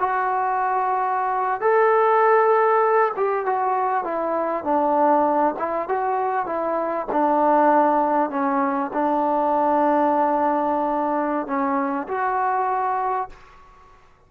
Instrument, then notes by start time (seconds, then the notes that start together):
trombone
0.00 F#4
1.61 A4
3.17 G4
3.46 F#4
4.04 E4
4.64 D4
5.60 E4
5.89 F#4
6.46 E4
7.12 D4
8.31 C#4
8.94 D4
11.47 C#4
12.09 F#4